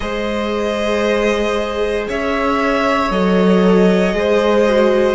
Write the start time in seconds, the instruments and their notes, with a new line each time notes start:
0.00 cello G#3, viola G#4, violin C5 D#5
2.08 cello C#4, violin C#5 E5
3.10 cello F#3, viola A4, violin D#5
4.12 cello G#3, viola G#4, violin C5
4.67 viola F#4